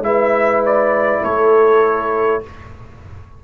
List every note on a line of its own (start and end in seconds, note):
0.00 1.20 G#3
0.00 2.43 E4
0.00 1.22 B4
0.00 0.63 E5
0.65 1.23 D5
1.22 2.43 A3
1.22 2.42 A4
1.22 2.43 C#5